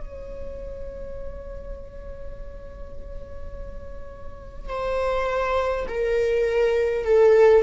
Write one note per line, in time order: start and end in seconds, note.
0.00 4.68 C#5
4.68 5.86 C5
5.88 7.05 A#4
7.05 7.63 A4